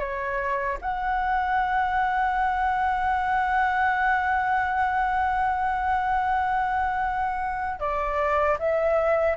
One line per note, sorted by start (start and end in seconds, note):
0.00 0.78 C#5
0.81 7.80 F#5
7.80 8.58 D5
8.59 9.37 E5